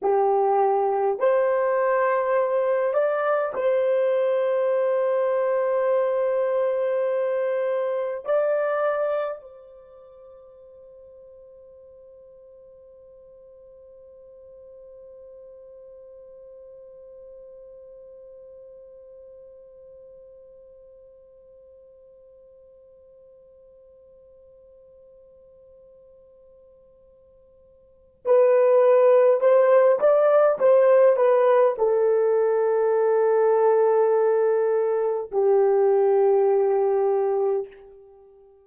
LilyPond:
\new Staff \with { instrumentName = "horn" } { \time 4/4 \tempo 4 = 51 g'4 c''4. d''8 c''4~ | c''2. d''4 | c''1~ | c''1~ |
c''1~ | c''1 | b'4 c''8 d''8 c''8 b'8 a'4~ | a'2 g'2 | }